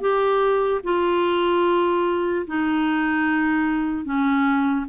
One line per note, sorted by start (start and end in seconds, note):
0.00 0.81 G4
0.84 2.46 F4
2.47 4.05 D#4
4.05 4.86 C#4